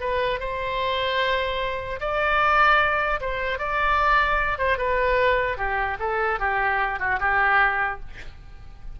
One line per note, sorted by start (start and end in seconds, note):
0.00 0.40 B4
0.40 2.00 C5
2.00 3.20 D5
3.20 3.58 C5
3.58 4.58 D5
4.58 4.77 C5
4.77 5.57 B4
5.57 5.97 G4
5.99 6.39 A4
6.39 6.99 G4
6.99 7.19 F#4
7.19 7.99 G4